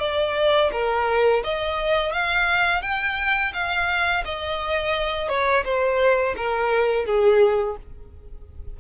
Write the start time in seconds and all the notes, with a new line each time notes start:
0.00 D5
0.73 A#4
1.44 D#5
2.12 F5
2.82 G5
3.54 F5
4.25 D#5
5.29 C#5
5.65 C5
6.37 A#4
7.06 G#4